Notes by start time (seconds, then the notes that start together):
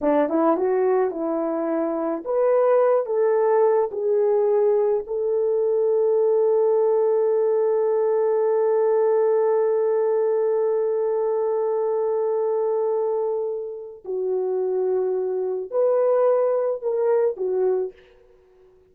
0.01 D4
0.29 E4
0.56 F#4
1.11 E4
2.25 B4
3.06 A4
3.91 G#4
5.06 A4
14.04 F#4
15.70 B4
16.82 A#4
17.37 F#4